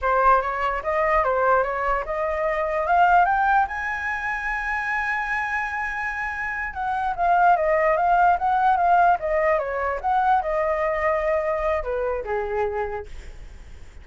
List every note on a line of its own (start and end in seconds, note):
0.01 0.41 C5
0.41 0.82 C#5
0.83 1.24 D#5
1.24 1.63 C5
1.63 2.04 C#5
2.05 2.86 D#5
2.86 3.25 F5
3.25 3.66 G5
3.67 6.73 G#5
6.73 7.14 F#5
7.15 7.56 F5
7.56 7.96 D#5
7.96 8.37 F5
8.38 8.76 F#5
8.76 9.17 F5
9.19 9.58 D#5
9.58 9.99 C#5
10.01 10.41 F#5
10.42 11.83 D#5
11.83 12.23 B4
12.24 13.06 G#4